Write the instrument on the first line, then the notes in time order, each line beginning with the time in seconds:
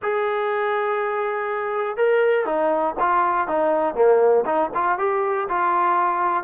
trombone
0.02 G#4
1.97 A#4
2.45 D#4
2.99 F4
3.47 D#4
3.94 A#3
4.45 D#4
4.74 F4
4.98 G4
5.48 F4